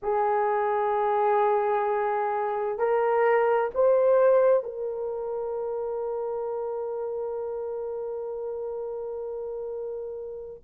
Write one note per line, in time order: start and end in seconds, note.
0.02 2.78 G#4
2.78 3.70 A#4
3.74 4.63 C5
4.63 10.63 A#4